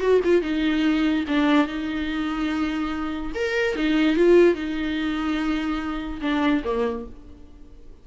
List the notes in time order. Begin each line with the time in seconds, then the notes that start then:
0.00 F#4
0.24 F4
0.42 D#4
1.28 D4
1.67 D#4
3.34 A#4
3.76 D#4
4.16 F4
4.54 D#4
6.21 D4
6.64 A#3